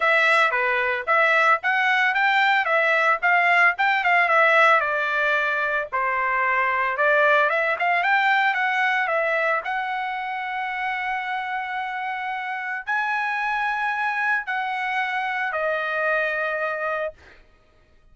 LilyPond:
\new Staff \with { instrumentName = "trumpet" } { \time 4/4 \tempo 4 = 112 e''4 b'4 e''4 fis''4 | g''4 e''4 f''4 g''8 f''8 | e''4 d''2 c''4~ | c''4 d''4 e''8 f''8 g''4 |
fis''4 e''4 fis''2~ | fis''1 | gis''2. fis''4~ | fis''4 dis''2. | }